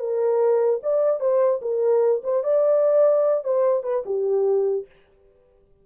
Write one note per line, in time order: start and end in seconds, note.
0.00 0.81 A#4
0.83 1.20 D5
1.20 1.61 C5
1.62 2.22 A#4
2.24 2.44 C5
2.44 3.44 D5
3.44 3.84 C5
3.84 4.04 B4
4.06 4.87 G4